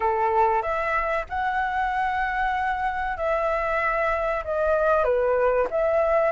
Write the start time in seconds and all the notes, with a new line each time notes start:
0.00 A4
0.62 E5
1.29 F#5
3.17 E5
4.44 D#5
5.04 B4
5.70 E5